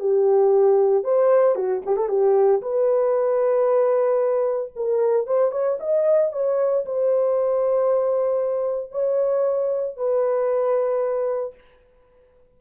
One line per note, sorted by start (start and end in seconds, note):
0.00 1.04 G4
1.04 1.56 C5
1.56 1.82 F#4
1.86 1.97 G4
1.97 2.09 A4
2.09 2.61 G4
2.62 4.73 B4
4.76 5.27 A#4
5.27 5.52 C5
5.52 5.78 C#5
5.80 6.33 D#5
6.33 6.85 C#5
6.86 8.92 C5
8.92 9.97 C#5
9.97 11.55 B4